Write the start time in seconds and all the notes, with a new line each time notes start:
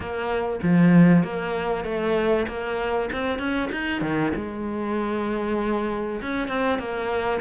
0.00 A#3
0.62 F3
1.23 A#3
1.84 A3
2.47 A#3
3.12 C4
3.38 C#4
3.71 D#4
4.01 D#3
4.35 G#3
6.21 C#4
6.48 C4
6.78 A#3